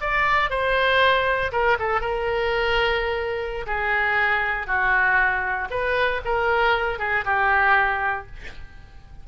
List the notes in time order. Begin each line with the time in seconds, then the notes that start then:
0.00 D5
0.50 C5
1.52 A#4
1.79 A4
2.00 A#4
3.66 G#4
4.66 F#4
5.70 B4
6.24 A#4
6.98 G#4
7.24 G4